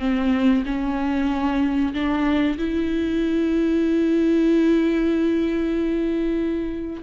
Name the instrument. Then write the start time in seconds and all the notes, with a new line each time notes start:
viola
0.00 C4
0.66 C#4
1.94 D4
2.58 E4